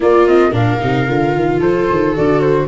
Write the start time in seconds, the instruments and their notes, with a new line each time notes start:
0.00 viola A#3 F4, tuba A#3, flute D5
0.27 viola C4, flute D#5
0.51 tuba A#2, viola D4 A#4, flute F5
0.80 tuba C3, viola D#4
1.07 tuba D3, viola F4
1.34 tuba D#3
1.60 tuba F3, viola A4, flute C5
1.90 tuba D#3
2.14 tuba D3, viola F#4, flute D5
2.40 flute C5